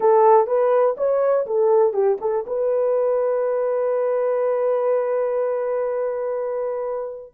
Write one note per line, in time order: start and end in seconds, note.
0.00 0.47 A4
0.47 0.95 B4
0.97 1.45 C#5
1.46 1.93 A4
1.93 2.17 G4
2.20 2.45 A4
2.46 7.33 B4